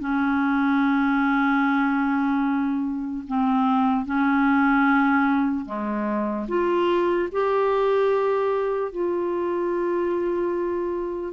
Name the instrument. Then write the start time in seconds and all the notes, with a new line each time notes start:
clarinet
0.00 C#4
3.28 C4
4.05 C#4
5.65 G#3
6.48 F4
7.32 G4
8.92 F4